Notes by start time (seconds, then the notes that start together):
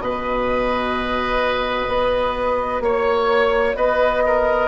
0.00 B2 F#4 B4 D#5
1.88 B3
2.81 A#3 C#5
3.75 B3 B4 D#5
4.26 A#4